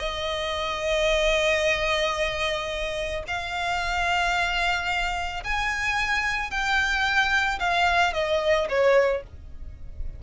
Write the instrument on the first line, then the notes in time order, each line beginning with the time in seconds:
violin
0.00 D#5
3.28 F5
5.44 G#5
6.51 G5
7.60 F5
8.14 D#5
8.70 C#5